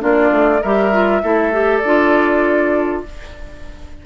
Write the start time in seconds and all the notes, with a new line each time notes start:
0.00 A#3 D4 F4 D5
0.32 A3
0.62 G3 G4 A#4 E5
0.93 F4
1.23 A3 E4 A4
1.53 G4
1.78 D5
1.85 D4 F4